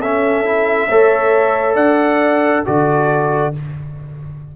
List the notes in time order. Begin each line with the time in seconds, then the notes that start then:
0.00 C#4 A4 E5
0.44 E4
0.88 A3 A4 C#5
1.75 D4 D5 F#5
2.65 D3 F#4 A4 D5